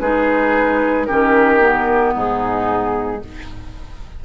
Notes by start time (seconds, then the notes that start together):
0.00 G#3 D#4 G#4 B4
1.06 D#3 C#4 G4 A#4
1.59 B3
2.14 G#2 D#4 G#4